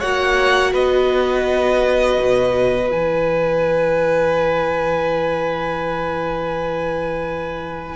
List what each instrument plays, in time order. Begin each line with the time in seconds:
0.00 cello A#3, viola F#4, violin C#5 F#5
0.73 cello B3, violin B4 D#5
2.21 cello B2
2.90 cello E3, viola E4, violin G#5